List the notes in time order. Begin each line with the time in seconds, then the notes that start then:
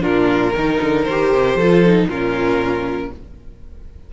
0.00 A#2 D4 F4 A#4
0.53 D#3 D#4 A#4
0.81 D3
1.03 D#3 C5
1.10 G4
1.33 C3
1.55 F3 F4 A4
1.85 D#4
2.08 A#2 C#4 F4 A#4